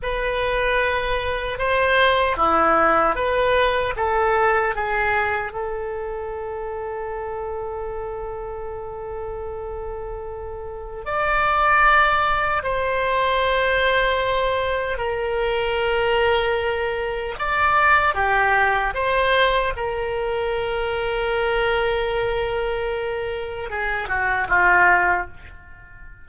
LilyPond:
\new Staff \with { instrumentName = "oboe" } { \time 4/4 \tempo 4 = 76 b'2 c''4 e'4 | b'4 a'4 gis'4 a'4~ | a'1~ | a'2 d''2 |
c''2. ais'4~ | ais'2 d''4 g'4 | c''4 ais'2.~ | ais'2 gis'8 fis'8 f'4 | }